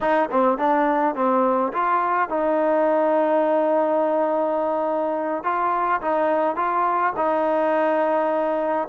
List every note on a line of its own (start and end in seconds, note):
0.00 0.29 D#4
0.31 0.58 C4
0.58 1.15 D4
1.15 1.72 C4
1.72 2.29 F4
2.29 5.43 D#4
5.43 6.00 F4
6.01 6.56 D#4
6.56 7.13 F4
7.16 8.88 D#4